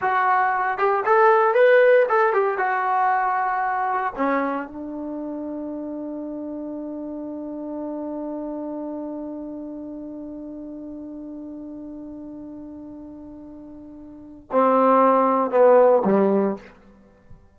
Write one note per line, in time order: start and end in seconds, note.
0.01 0.78 F#4
0.78 1.03 G4
1.05 1.54 A4
1.54 2.06 B4
2.09 2.33 A4
2.33 2.58 G4
2.58 4.13 F#4
4.16 4.67 C#4
4.67 14.50 D4
14.51 15.50 C4
15.50 16.02 B3
16.04 16.56 G3